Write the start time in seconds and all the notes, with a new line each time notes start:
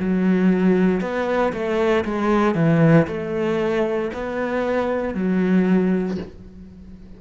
0.00 F#3
1.01 B3
1.53 A3
2.05 G#3
2.55 E3
3.08 A3
4.14 B3
5.14 F#3